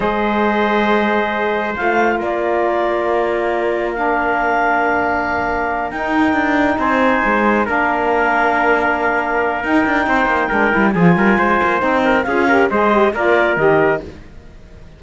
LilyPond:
<<
  \new Staff \with { instrumentName = "clarinet" } { \time 4/4 \tempo 4 = 137 dis''1 | f''4 d''2.~ | d''4 f''2.~ | f''4. g''2 gis''8~ |
gis''4. f''2~ f''8~ | f''2 g''2~ | g''4 gis''2 g''4 | f''4 dis''4 d''4 dis''4 | }
  \new Staff \with { instrumentName = "trumpet" } { \time 4/4 c''1~ | c''4 ais'2.~ | ais'1~ | ais'2.~ ais'8 c''8~ |
c''4. ais'2~ ais'8~ | ais'2. c''4 | ais'4 gis'8 ais'8 c''4. ais'8 | gis'8 ais'8 c''4 ais'2 | }
  \new Staff \with { instrumentName = "saxophone" } { \time 4/4 gis'1 | f'1~ | f'4 d'2.~ | d'4. dis'2~ dis'8~ |
dis'4. d'2~ d'8~ | d'2 dis'2 | d'8 e'8 f'2 dis'4 | f'8 g'8 gis'8 g'8 f'4 g'4 | }
  \new Staff \with { instrumentName = "cello" } { \time 4/4 gis1 | a4 ais2.~ | ais1~ | ais4. dis'4 d'4 c'8~ |
c'8 gis4 ais2~ ais8~ | ais2 dis'8 d'8 c'8 ais8 | gis8 g8 f8 g8 gis8 ais8 c'4 | cis'4 gis4 ais4 dis4 | }
>>